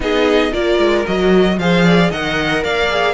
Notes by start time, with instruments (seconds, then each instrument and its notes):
0.00 cello B3, viola D#4, violin G#4 D#5
0.51 cello A#3, viola F4, violin A#4 D5
0.78 cello G#3
1.05 cello F#3, viola F#4, violin D#5
1.57 cello F3, viola G#4, violin C5 F5
1.84 violin D5
2.10 cello D#3, viola A#4, violin D#5 F#5
2.63 cello A#3, violin D5 F5
2.90 viola G#4